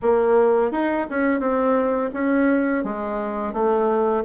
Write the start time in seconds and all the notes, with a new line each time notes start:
0.02 A#3
0.71 D#4
1.09 C#4
1.40 C4
2.13 C#4
2.84 G#3
3.53 A3